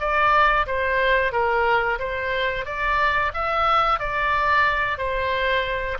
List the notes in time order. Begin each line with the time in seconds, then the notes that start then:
0.00 D5
0.67 C5
1.32 A#4
1.99 C5
2.65 D5
3.34 E5
4.00 D5
4.98 C5